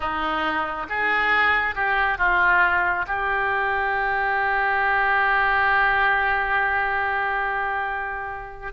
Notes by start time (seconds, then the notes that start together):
0.00 D#4
0.89 G#4
1.75 G4
2.18 F4
3.07 G4